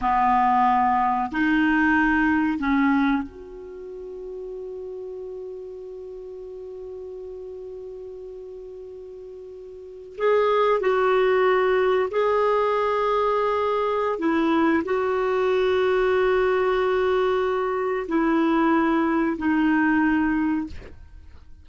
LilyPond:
\new Staff \with { instrumentName = "clarinet" } { \time 4/4 \tempo 4 = 93 b2 dis'2 | cis'4 fis'2.~ | fis'1~ | fis'2.~ fis'8. gis'16~ |
gis'8. fis'2 gis'4~ gis'16~ | gis'2 e'4 fis'4~ | fis'1 | e'2 dis'2 | }